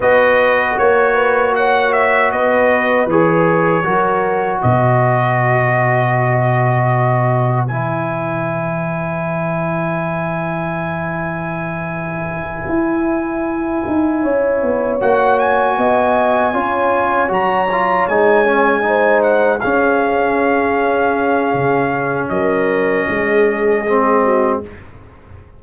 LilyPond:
<<
  \new Staff \with { instrumentName = "trumpet" } { \time 4/4 \tempo 4 = 78 dis''4 cis''4 fis''8 e''8 dis''4 | cis''2 dis''2~ | dis''2 gis''2~ | gis''1~ |
gis''2.~ gis''8 fis''8 | gis''2~ gis''8 ais''4 gis''8~ | gis''4 fis''8 f''2~ f''8~ | f''4 dis''2. | }
  \new Staff \with { instrumentName = "horn" } { \time 4/4 b'4 cis''8 b'8 cis''4 b'4~ | b'4 ais'4 b'2~ | b'1~ | b'1~ |
b'2~ b'8 cis''4.~ | cis''8 dis''4 cis''2~ cis''8~ | cis''8 c''4 gis'2~ gis'8~ | gis'4 ais'4 gis'4. fis'8 | }
  \new Staff \with { instrumentName = "trombone" } { \time 4/4 fis'1 | gis'4 fis'2.~ | fis'2 e'2~ | e'1~ |
e'2.~ e'8 fis'8~ | fis'4. f'4 fis'8 f'8 dis'8 | cis'8 dis'4 cis'2~ cis'8~ | cis'2. c'4 | }
  \new Staff \with { instrumentName = "tuba" } { \time 4/4 b4 ais2 b4 | e4 fis4 b,2~ | b,2 e2~ | e1~ |
e8 e'4. dis'8 cis'8 b8 ais8~ | ais8 b4 cis'4 fis4 gis8~ | gis4. cis'2~ cis'8 | cis4 fis4 gis2 | }
>>